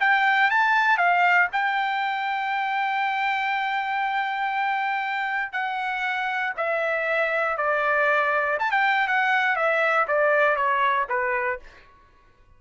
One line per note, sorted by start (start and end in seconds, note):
0.00 0.50 G5
0.50 0.98 A5
0.98 1.48 F5
1.52 5.52 G5
5.52 6.53 F#5
6.57 7.57 E5
7.57 8.58 D5
8.59 8.71 A5
8.71 9.07 G5
9.07 9.56 F#5
9.56 10.06 E5
10.07 10.56 D5
10.56 11.06 C#5
11.09 11.59 B4